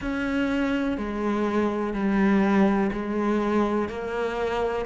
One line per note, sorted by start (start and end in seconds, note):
0.00 0.97 C#4
0.97 1.94 G#3
1.94 2.90 G3
2.92 3.88 G#3
3.88 4.85 A#3